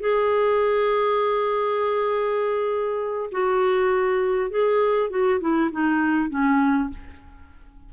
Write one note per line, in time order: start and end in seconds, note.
0.00 3.30 G#4
3.32 4.50 F#4
4.50 5.10 G#4
5.10 5.40 F#4
5.40 5.70 E4
5.72 6.29 D#4
6.29 6.89 C#4